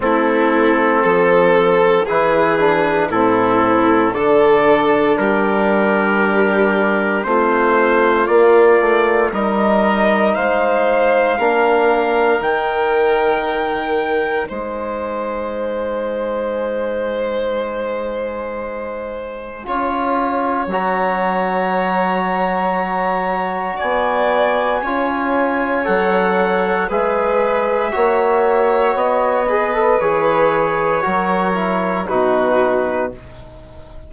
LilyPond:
<<
  \new Staff \with { instrumentName = "trumpet" } { \time 4/4 \tempo 4 = 58 a'2 b'4 a'4 | d''4 ais'2 c''4 | d''4 dis''4 f''2 | g''2 gis''2~ |
gis''1 | ais''2. gis''4~ | gis''4 fis''4 e''2 | dis''4 cis''2 b'4 | }
  \new Staff \with { instrumentName = "violin" } { \time 4/4 e'4 a'4 gis'4 e'4 | a'4 g'2 f'4~ | f'4 ais'4 c''4 ais'4~ | ais'2 c''2~ |
c''2. cis''4~ | cis''2. d''4 | cis''2 b'4 cis''4~ | cis''8 b'4. ais'4 fis'4 | }
  \new Staff \with { instrumentName = "trombone" } { \time 4/4 c'2 e'8 d'8 c'4 | d'2. c'4 | ais4 dis'2 d'4 | dis'1~ |
dis'2. f'4 | fis'1 | f'4 a'4 gis'4 fis'4~ | fis'8 gis'16 a'16 gis'4 fis'8 e'8 dis'4 | }
  \new Staff \with { instrumentName = "bassoon" } { \time 4/4 a4 f4 e4 a,4 | d4 g2 a4 | ais8 a8 g4 gis4 ais4 | dis2 gis2~ |
gis2. cis'4 | fis2. b4 | cis'4 fis4 gis4 ais4 | b4 e4 fis4 b,4 | }
>>